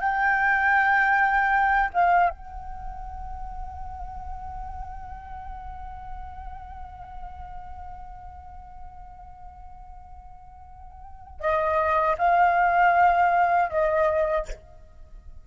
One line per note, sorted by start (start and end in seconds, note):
0.00 1.90 G5
1.94 2.30 F5
2.30 11.40 F#5
11.40 12.16 D#5
12.18 13.70 F5
13.70 14.46 D#5